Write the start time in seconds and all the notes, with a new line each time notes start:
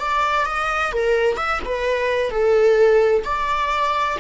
0.00 D5
0.45 D#5
0.92 A#4
1.37 E5
1.65 B4
2.30 A4
3.24 D5